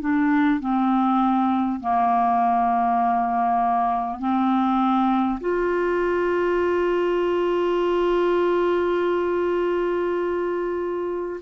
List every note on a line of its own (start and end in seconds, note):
0.00 0.60 D4
0.60 1.79 C4
1.79 4.19 A#3
4.19 5.39 C4
5.40 11.40 F4